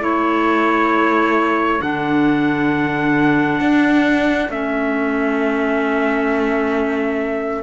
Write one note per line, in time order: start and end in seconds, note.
0.00 1.80 A3
0.00 1.79 E4
0.00 7.62 A4
0.00 1.82 C#5
1.81 3.60 D3
1.81 4.50 D4
1.81 4.50 F#5
3.60 4.49 D4
4.49 7.62 A3
4.49 7.62 C#4
4.49 7.62 E5